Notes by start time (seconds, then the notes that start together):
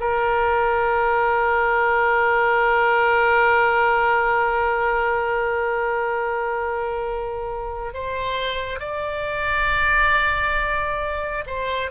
0.00 A#4
7.94 C5
8.80 D5
11.46 C5